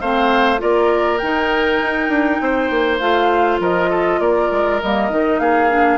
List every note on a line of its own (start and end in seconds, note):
0.00 0.61 A3
0.00 0.58 C4
0.00 0.61 C5
0.00 0.60 F5
0.58 1.22 A#3
0.58 1.18 F4
0.58 2.42 A#4
0.58 1.18 D5
1.18 1.80 D#3
1.18 3.00 D#4
1.18 2.98 G5
1.80 2.09 D#4
2.09 2.39 D4
2.41 2.70 C4
2.41 3.61 C5
2.70 3.00 A#3
2.98 3.60 A3
2.98 4.80 F4
2.98 3.58 F5
3.60 4.19 F3
3.60 3.90 A#4
3.60 4.20 D#5
3.90 4.20 A4
4.19 4.49 A#3
4.19 5.41 A#4
4.19 4.80 D5
4.51 4.81 G#3
4.81 5.11 G3
4.81 5.10 A#3
4.81 5.39 D#5
5.10 5.39 D#3
5.10 5.69 D#4
5.39 5.98 A#3
5.39 5.98 G#4
5.39 5.98 F5
5.69 5.98 D4